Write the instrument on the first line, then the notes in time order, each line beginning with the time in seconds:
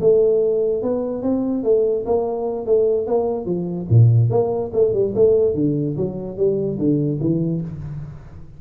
tuba
0.00 A3
0.82 B3
1.22 C4
1.63 A3
2.05 A#3
2.66 A3
3.07 A#3
3.45 F3
3.89 A#2
4.30 A#3
4.73 A3
4.93 G3
5.15 A3
5.54 D3
5.97 F#3
6.37 G3
6.78 D3
7.20 E3